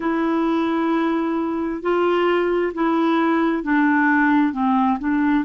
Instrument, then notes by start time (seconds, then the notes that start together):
clarinet
0.00 E4
1.82 F4
2.74 E4
3.63 D4
4.52 C4
4.99 D4